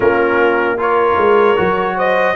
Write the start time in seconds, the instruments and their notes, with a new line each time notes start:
0.00 tuba A#3, trombone C#4, horn F4, trumpet A#4
0.77 trombone F4, horn A#4, trumpet C#5
1.16 tuba G#3
1.56 tuba F#3, trombone F#4
1.96 horn C5, trumpet D#5